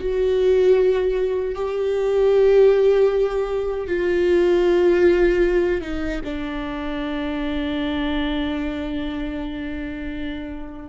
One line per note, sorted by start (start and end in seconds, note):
0.00 1.55 F#4
1.55 3.87 G4
3.87 5.82 F4
5.82 6.21 D#4
6.24 10.89 D4